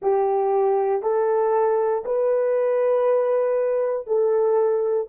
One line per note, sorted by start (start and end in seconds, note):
0.02 1.02 G4
1.02 2.03 A4
2.05 4.07 B4
4.07 5.08 A4